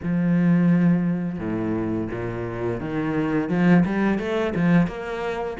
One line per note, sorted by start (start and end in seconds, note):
0.03 1.39 F3
1.39 2.08 A2
2.11 2.80 A#2
2.80 3.49 D#3
3.49 3.84 F3
3.85 4.19 G3
4.19 4.53 A3
4.55 4.87 F3
4.87 5.57 A#3